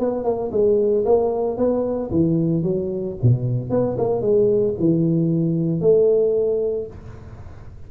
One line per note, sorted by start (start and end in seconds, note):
0.00 0.25 B3
0.25 0.51 A#3
0.52 1.05 G#3
1.06 1.58 A#3
1.58 2.11 B3
2.11 2.64 E3
2.64 3.17 F#3
3.23 3.70 B2
3.70 3.97 B3
3.98 4.22 A#3
4.22 4.75 G#3
4.80 5.81 E3
5.81 6.87 A3